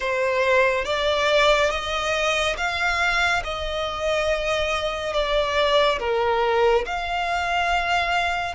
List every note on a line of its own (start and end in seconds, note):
0.00 0.85 C5
0.85 1.70 D5
1.70 2.56 D#5
2.57 3.42 F5
3.44 5.13 D#5
5.13 5.98 D5
5.99 6.85 A#4
6.85 8.55 F5